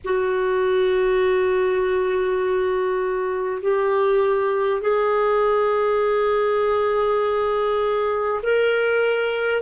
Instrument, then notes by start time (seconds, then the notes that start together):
clarinet
0.04 F#4
3.62 G4
4.81 G#4
8.42 A#4